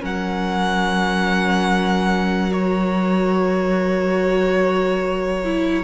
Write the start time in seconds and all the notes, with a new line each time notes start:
0.00 F#3 C#4 A#4 F#5
2.51 F#4 C#5
5.45 E4